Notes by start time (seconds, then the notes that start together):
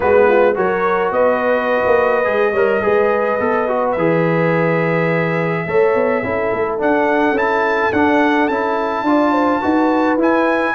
0.00 G#3 B3 F#4 B4
0.28 F4
0.54 F#3 F#4 A#4 C#5
1.11 B3 B4 D#5
1.86 A#3
2.24 G#3 G#4
2.52 G3 A#4 C#5
2.82 G#3 G#4 B4
3.40 B3 A4
3.67 F#4
3.91 E3 E5
3.98 G#4
5.66 A3 A4 C#5
5.95 B3
6.23 C#4 E4 A4
6.53 A3
6.78 D4 F#5
7.31 C#4 E4
7.38 A5
7.92 D4 F#5
8.47 C#4 E4 A5
9.02 D4 F4 D5
9.32 C5
9.60 D#4 F#4 B4
10.17 E4 G#5